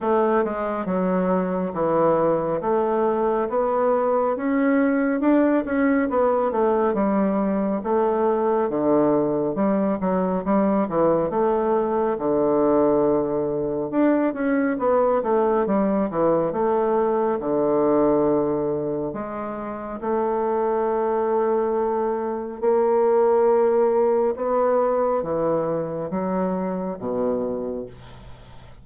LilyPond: \new Staff \with { instrumentName = "bassoon" } { \time 4/4 \tempo 4 = 69 a8 gis8 fis4 e4 a4 | b4 cis'4 d'8 cis'8 b8 a8 | g4 a4 d4 g8 fis8 | g8 e8 a4 d2 |
d'8 cis'8 b8 a8 g8 e8 a4 | d2 gis4 a4~ | a2 ais2 | b4 e4 fis4 b,4 | }